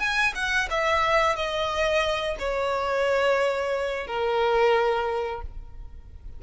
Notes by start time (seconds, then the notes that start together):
0.00 G#5
0.36 F#5
0.71 E5
1.36 D#5
2.40 C#5
4.08 A#4